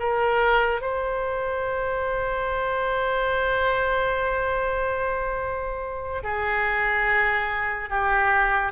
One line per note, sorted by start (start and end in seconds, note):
0.00 0.82 A#4
0.82 6.23 C5
6.23 7.90 G#4
7.90 8.73 G4